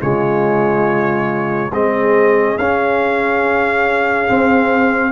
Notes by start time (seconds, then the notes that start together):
0.00 C#3 G#3 F4 C#5
1.71 G#3 C4 G#4 D#5
2.58 C#4 F5
4.28 C4